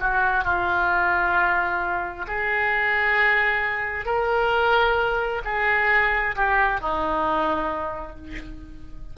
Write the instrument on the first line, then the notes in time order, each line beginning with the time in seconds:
oboe
0.00 F#4
0.44 F4
2.28 G#4
4.05 A#4
5.45 G#4
6.36 G4
6.81 D#4